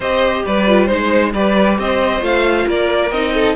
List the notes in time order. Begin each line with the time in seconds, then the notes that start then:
0.00 C4 G4 C5 D#5
0.45 G3 B4 D5
0.67 F4
0.85 G#3 D#4 C5
1.33 G3 G4 B4 D5
1.78 C4 C5 D#5
2.20 A3 F4 F5
2.66 A#3 A#4 D5
3.11 C4 D#4 D#5
3.34 A4